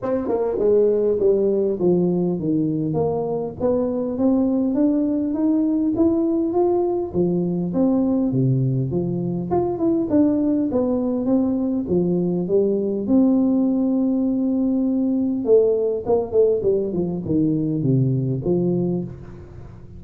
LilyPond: \new Staff \with { instrumentName = "tuba" } { \time 4/4 \tempo 4 = 101 c'8 ais8 gis4 g4 f4 | dis4 ais4 b4 c'4 | d'4 dis'4 e'4 f'4 | f4 c'4 c4 f4 |
f'8 e'8 d'4 b4 c'4 | f4 g4 c'2~ | c'2 a4 ais8 a8 | g8 f8 dis4 c4 f4 | }